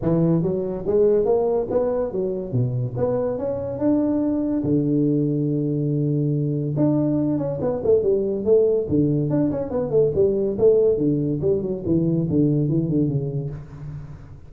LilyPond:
\new Staff \with { instrumentName = "tuba" } { \time 4/4 \tempo 4 = 142 e4 fis4 gis4 ais4 | b4 fis4 b,4 b4 | cis'4 d'2 d4~ | d1 |
d'4. cis'8 b8 a8 g4 | a4 d4 d'8 cis'8 b8 a8 | g4 a4 d4 g8 fis8 | e4 d4 e8 d8 cis4 | }